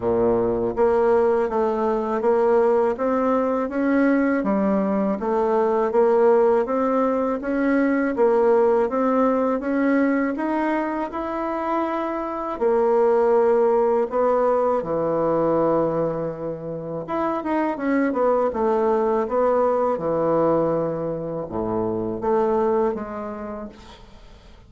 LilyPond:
\new Staff \with { instrumentName = "bassoon" } { \time 4/4 \tempo 4 = 81 ais,4 ais4 a4 ais4 | c'4 cis'4 g4 a4 | ais4 c'4 cis'4 ais4 | c'4 cis'4 dis'4 e'4~ |
e'4 ais2 b4 | e2. e'8 dis'8 | cis'8 b8 a4 b4 e4~ | e4 a,4 a4 gis4 | }